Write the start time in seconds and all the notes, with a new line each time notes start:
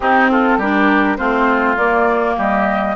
0.00 C4 D#4 G4
0.31 F4 A4
0.57 G3 D4 G4 A#4
1.17 A3 C4 F4 C5
1.76 A#3 D5
2.36 G3 G4 D#5